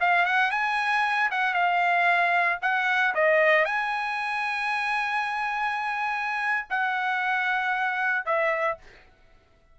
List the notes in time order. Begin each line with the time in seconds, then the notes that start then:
0.00 F5
0.25 F#5
0.51 G#5
1.31 F#5
1.53 F5
2.61 F#5
3.15 D#5
3.65 G#5
6.69 F#5
8.25 E5